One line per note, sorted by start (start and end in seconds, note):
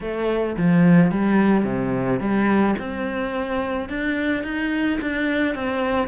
0.01 0.56 A3
0.57 1.11 F3
1.11 1.64 G3
1.64 2.19 C3
2.19 2.75 G3
2.79 3.89 C4
3.89 4.43 D4
4.43 4.98 D#4
5.01 5.55 D4
5.55 6.08 C4